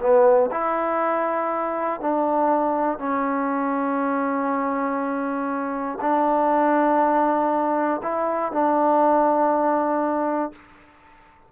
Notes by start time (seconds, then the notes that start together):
0.00 B3
0.51 E4
2.00 D4
2.98 C#4
6.01 D4
8.02 E4
8.52 D4